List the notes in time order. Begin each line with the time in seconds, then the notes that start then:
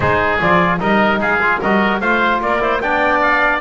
0.00 G#3 D#4 G#4 C5
0.41 F3 F4 D5
0.79 G3 D#4 A#4 D#5
1.18 G#3 G#4 F5
1.41 F4
1.60 G3 F#4 A#4 D#5
2.00 A3 F4 C5 F5
2.41 A#3 A#4 D5
2.60 E4 C5
2.80 B3 D4 D5 G5
3.21 F5